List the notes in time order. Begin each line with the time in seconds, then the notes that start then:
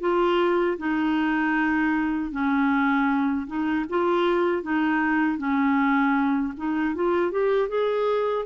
0.00 F4
0.77 D#4
2.31 C#4
3.47 D#4
3.89 F4
4.62 D#4
5.37 C#4
6.57 D#4
6.95 F4
7.31 G4
7.68 G#4